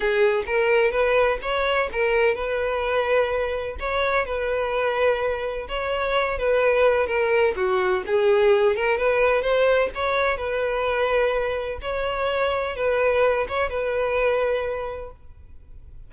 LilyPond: \new Staff \with { instrumentName = "violin" } { \time 4/4 \tempo 4 = 127 gis'4 ais'4 b'4 cis''4 | ais'4 b'2. | cis''4 b'2. | cis''4. b'4. ais'4 |
fis'4 gis'4. ais'8 b'4 | c''4 cis''4 b'2~ | b'4 cis''2 b'4~ | b'8 cis''8 b'2. | }